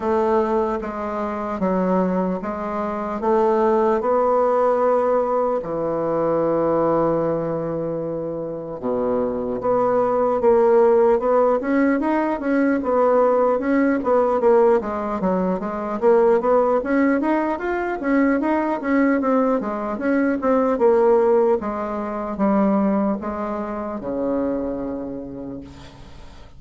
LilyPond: \new Staff \with { instrumentName = "bassoon" } { \time 4/4 \tempo 4 = 75 a4 gis4 fis4 gis4 | a4 b2 e4~ | e2. b,4 | b4 ais4 b8 cis'8 dis'8 cis'8 |
b4 cis'8 b8 ais8 gis8 fis8 gis8 | ais8 b8 cis'8 dis'8 f'8 cis'8 dis'8 cis'8 | c'8 gis8 cis'8 c'8 ais4 gis4 | g4 gis4 cis2 | }